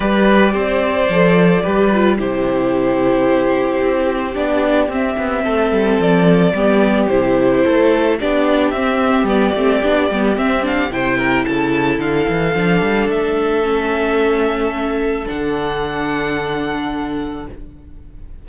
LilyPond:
<<
  \new Staff \with { instrumentName = "violin" } { \time 4/4 \tempo 4 = 110 d''1 | c''1 | d''4 e''2 d''4~ | d''4 c''2 d''4 |
e''4 d''2 e''8 f''8 | g''4 a''4 f''2 | e''1 | fis''1 | }
  \new Staff \with { instrumentName = "violin" } { \time 4/4 b'4 c''2 b'4 | g'1~ | g'2 a'2 | g'2 a'4 g'4~ |
g'1 | c''8 ais'8 a'2.~ | a'1~ | a'1 | }
  \new Staff \with { instrumentName = "viola" } { \time 4/4 g'2 a'4 g'8 f'8 | e'1 | d'4 c'2. | b4 e'2 d'4 |
c'4 b8 c'8 d'8 b8 c'8 d'8 | e'2. d'4~ | d'4 cis'2. | d'1 | }
  \new Staff \with { instrumentName = "cello" } { \time 4/4 g4 c'4 f4 g4 | c2. c'4 | b4 c'8 b8 a8 g8 f4 | g4 c4 a4 b4 |
c'4 g8 a8 b8 g8 c'4 | c4 cis4 d8 e8 f8 g8 | a1 | d1 | }
>>